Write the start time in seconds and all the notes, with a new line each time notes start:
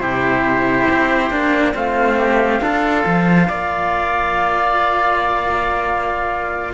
0.00 C3 E4 G4 C5
0.91 C4
1.31 A#3 D4
1.74 A3 C4 F4 F5
2.19 G4
2.61 D4 F4 A4
3.06 F3
3.48 A#3 D5